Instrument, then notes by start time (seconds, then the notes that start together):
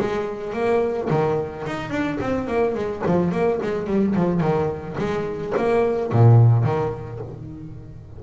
double bass
0.00 G#3
0.54 A#3
1.11 D#3
1.67 D#4
1.91 D4
2.21 C4
2.48 A#3
2.75 G#3
3.07 F3
3.32 A#3
3.63 G#3
3.87 G3
4.16 F3
4.41 D#3
4.98 G#3
5.57 A#3
6.13 A#2
6.65 D#3